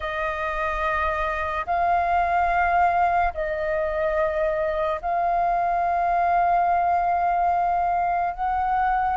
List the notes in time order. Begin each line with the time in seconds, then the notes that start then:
0.00 D#5
1.66 F5
3.34 D#5
5.01 F5
8.34 F#5